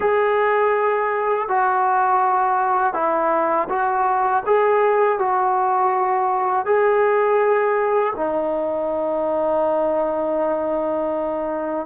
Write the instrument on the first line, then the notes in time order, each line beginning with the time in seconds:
trombone
0.00 G#4
1.48 F#4
2.93 E4
3.69 F#4
4.45 G#4
5.19 F#4
6.65 G#4
8.15 D#4